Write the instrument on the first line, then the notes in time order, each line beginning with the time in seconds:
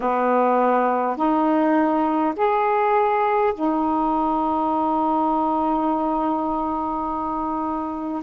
saxophone
0.00 B3
1.16 D#4
2.35 G#4
3.54 D#4